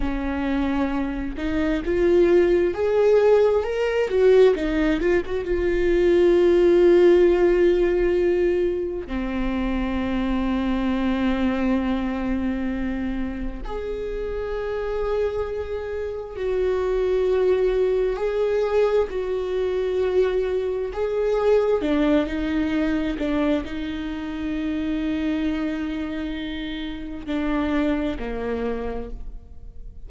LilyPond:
\new Staff \with { instrumentName = "viola" } { \time 4/4 \tempo 4 = 66 cis'4. dis'8 f'4 gis'4 | ais'8 fis'8 dis'8 f'16 fis'16 f'2~ | f'2 c'2~ | c'2. gis'4~ |
gis'2 fis'2 | gis'4 fis'2 gis'4 | d'8 dis'4 d'8 dis'2~ | dis'2 d'4 ais4 | }